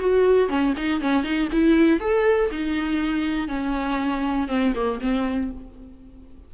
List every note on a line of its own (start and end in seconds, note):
0.00 0.49 F#4
0.49 0.74 C#4
0.77 1.01 D#4
1.01 1.24 C#4
1.24 1.49 D#4
1.52 2.00 E4
2.00 2.50 A4
2.52 3.48 D#4
3.48 4.48 C#4
4.48 4.73 C4
4.75 5.00 A#3
5.01 5.51 C4